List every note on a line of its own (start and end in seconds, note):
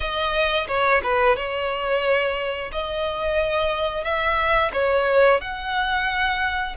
0.00 0.67 D#5
0.67 1.01 C#5
1.03 1.36 B4
1.36 2.71 C#5
2.72 4.04 D#5
4.04 4.71 E5
4.73 5.40 C#5
5.41 6.75 F#5